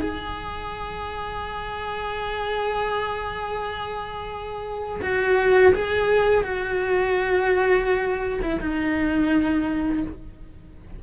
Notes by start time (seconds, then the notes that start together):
0.00 G#4
5.02 F#4
5.74 G#4
6.43 F#4
8.42 E4
8.60 D#4